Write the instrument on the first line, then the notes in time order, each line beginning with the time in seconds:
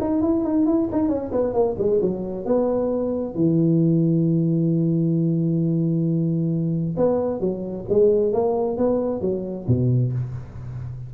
tuba
0.00 D#4
0.22 E4
0.44 D#4
0.66 E4
0.91 D#4
1.08 C#4
1.31 B3
1.53 A#3
1.78 G#3
2.01 F#3
2.45 B3
3.34 E3
6.97 B3
7.40 F#3
7.89 G#3
8.32 A#3
8.77 B3
9.21 F#3
9.67 B2